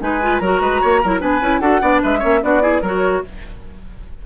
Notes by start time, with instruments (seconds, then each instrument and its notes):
0.00 bassoon G#3, clarinet D#4, oboe B4, flute G#5
0.22 clarinet F4
0.39 bassoon F#3, clarinet F#4, oboe A#4, flute A#5
0.61 bassoon G#3, oboe B4
0.82 bassoon A#3, oboe C#5
1.02 bassoon F#3, clarinet E4, oboe A#4
1.21 bassoon B3, clarinet D4, oboe B4, flute G#5
1.41 bassoon C#4, clarinet E4
1.60 bassoon D4, clarinet F#4, oboe A4, flute F#5
1.82 bassoon B3, clarinet D4, oboe D5
2.03 bassoon G#3, oboe B4, flute E5
2.19 bassoon A#3, clarinet C#4, oboe C#5
2.43 bassoon B3, clarinet D4, oboe F#4, flute D5
2.62 clarinet E4, oboe G#4
2.82 bassoon F#3, clarinet F#4, oboe A#4, flute C#5